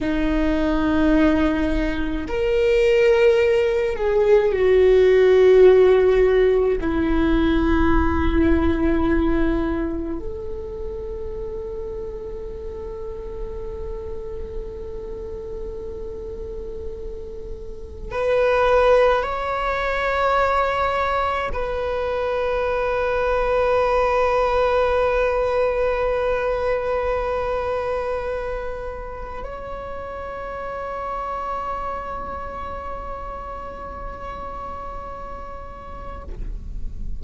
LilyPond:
\new Staff \with { instrumentName = "viola" } { \time 4/4 \tempo 4 = 53 dis'2 ais'4. gis'8 | fis'2 e'2~ | e'4 a'2.~ | a'1 |
b'4 cis''2 b'4~ | b'1~ | b'2 cis''2~ | cis''1 | }